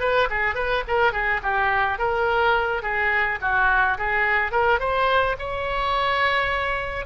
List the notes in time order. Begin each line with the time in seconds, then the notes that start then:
0.00 B4
0.30 G#4
0.55 B4
0.87 A#4
1.12 G#4
1.43 G4
1.98 A#4
2.82 G#4
3.41 F#4
3.98 G#4
4.52 A#4
4.79 C5
5.39 C#5